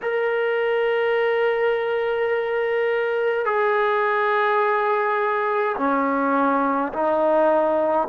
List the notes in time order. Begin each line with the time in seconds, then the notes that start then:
0.02 A#4
3.45 G#4
5.77 C#4
6.92 D#4